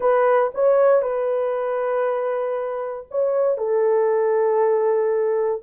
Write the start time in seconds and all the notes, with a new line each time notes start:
0.00 B4
0.54 C#5
1.02 B4
3.10 C#5
3.57 A4